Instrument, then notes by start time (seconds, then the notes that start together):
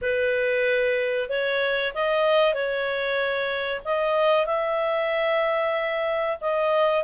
clarinet
0.01 B4
1.29 C#5
1.94 D#5
2.54 C#5
3.84 D#5
4.46 E5
6.40 D#5